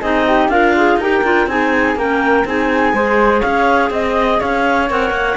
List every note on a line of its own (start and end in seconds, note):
0.00 0.48 C4
0.00 0.51 D#4
0.00 0.24 G#4
0.00 0.49 D#5
0.27 0.51 G4
0.48 0.97 D4
0.48 1.00 F4
0.48 0.75 A#4
0.48 0.98 F5
0.76 1.01 G#4
0.97 1.21 D#4
0.97 1.24 G4
0.97 1.49 A#4
0.97 1.48 G5
1.23 1.46 D4
1.23 1.49 F4
1.46 1.95 C4
1.46 1.97 D#4
1.46 1.98 G#4
1.46 1.97 G#5
1.95 2.44 A#3
1.95 2.46 C#4
1.95 2.47 A#4
1.95 2.47 G5
2.45 2.93 C4
2.45 2.94 D#4
2.45 2.95 G#4
2.45 3.41 G#5
2.93 3.42 G#3
2.93 4.89 G#4
2.93 3.40 C5
3.40 3.90 C#4
3.40 3.89 C#5
3.40 3.90 F5
3.90 4.39 C4
3.90 4.41 D#5
3.90 4.40 D#5
4.40 4.90 C#4
4.40 5.37 C#5
4.40 4.90 F5
4.90 5.11 C4
4.90 5.37 A#4
4.90 5.37 F#5
5.11 5.35 A#3